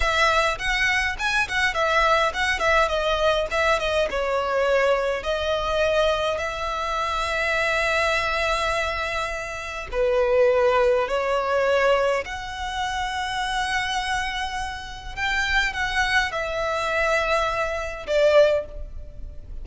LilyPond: \new Staff \with { instrumentName = "violin" } { \time 4/4 \tempo 4 = 103 e''4 fis''4 gis''8 fis''8 e''4 | fis''8 e''8 dis''4 e''8 dis''8 cis''4~ | cis''4 dis''2 e''4~ | e''1~ |
e''4 b'2 cis''4~ | cis''4 fis''2.~ | fis''2 g''4 fis''4 | e''2. d''4 | }